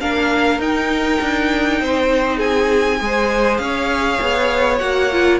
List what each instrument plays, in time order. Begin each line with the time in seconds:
0.00 cello A#3, viola D4, violin A#4 F5
0.58 cello D#4, viola D#4, violin G5
1.20 cello D4
1.80 cello C4, violin C5
2.37 violin G#4 G#5
2.99 cello G#3, viola G#4, violin C5
3.57 cello C#4, violin C#5 F5
4.21 cello B3
4.78 cello A#3, viola F#4, violin F#5
5.12 viola F4